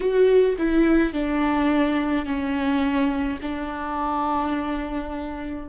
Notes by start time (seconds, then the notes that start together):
0.00 F#4
0.58 E4
1.13 D4
2.25 C#4
3.42 D4